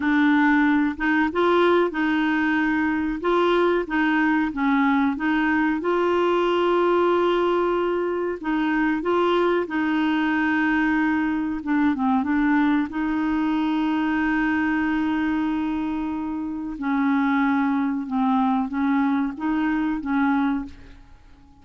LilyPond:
\new Staff \with { instrumentName = "clarinet" } { \time 4/4 \tempo 4 = 93 d'4. dis'8 f'4 dis'4~ | dis'4 f'4 dis'4 cis'4 | dis'4 f'2.~ | f'4 dis'4 f'4 dis'4~ |
dis'2 d'8 c'8 d'4 | dis'1~ | dis'2 cis'2 | c'4 cis'4 dis'4 cis'4 | }